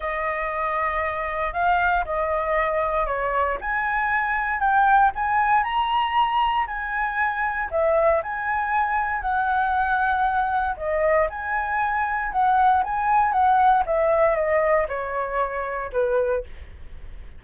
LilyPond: \new Staff \with { instrumentName = "flute" } { \time 4/4 \tempo 4 = 117 dis''2. f''4 | dis''2 cis''4 gis''4~ | gis''4 g''4 gis''4 ais''4~ | ais''4 gis''2 e''4 |
gis''2 fis''2~ | fis''4 dis''4 gis''2 | fis''4 gis''4 fis''4 e''4 | dis''4 cis''2 b'4 | }